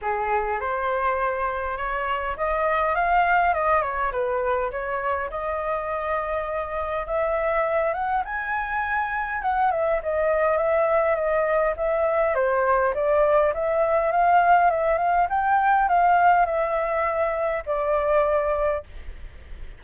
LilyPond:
\new Staff \with { instrumentName = "flute" } { \time 4/4 \tempo 4 = 102 gis'4 c''2 cis''4 | dis''4 f''4 dis''8 cis''8 b'4 | cis''4 dis''2. | e''4. fis''8 gis''2 |
fis''8 e''8 dis''4 e''4 dis''4 | e''4 c''4 d''4 e''4 | f''4 e''8 f''8 g''4 f''4 | e''2 d''2 | }